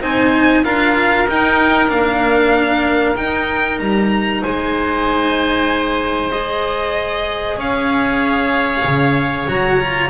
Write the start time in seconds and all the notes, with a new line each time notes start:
0.00 C4 D#4 C5 G#5
0.63 D4 F4 A#4 F5
1.29 D#4 G5
1.88 A#3 D4 F5
3.15 D#4 G5
3.79 G3 A#5
4.42 G#3 C5 G#5
6.31 G#4 D#5
7.56 C#4 C#5 F5
8.84 C#3
9.47 F#3 F#4 A#5
9.80 F4